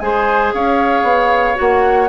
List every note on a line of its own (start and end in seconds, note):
0.00 0.53 G#3
0.00 1.55 G#4
0.00 0.54 C5
0.00 0.52 G#5
0.54 1.03 C#4
0.54 2.09 C#5
0.54 1.58 F5
1.03 1.55 B3
1.55 2.09 A#3
1.55 2.07 F#4
1.55 2.09 F#5